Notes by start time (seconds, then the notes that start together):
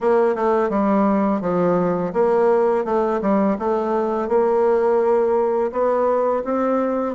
0.00 A#3
0.35 A3
0.69 G3
1.41 F3
2.13 A#3
2.84 A3
3.21 G3
3.58 A3
4.28 A#3
5.71 B3
6.44 C4